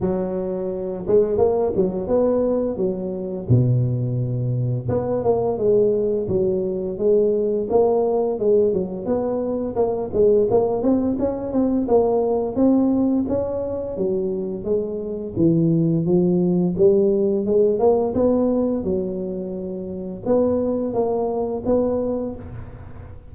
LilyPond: \new Staff \with { instrumentName = "tuba" } { \time 4/4 \tempo 4 = 86 fis4. gis8 ais8 fis8 b4 | fis4 b,2 b8 ais8 | gis4 fis4 gis4 ais4 | gis8 fis8 b4 ais8 gis8 ais8 c'8 |
cis'8 c'8 ais4 c'4 cis'4 | fis4 gis4 e4 f4 | g4 gis8 ais8 b4 fis4~ | fis4 b4 ais4 b4 | }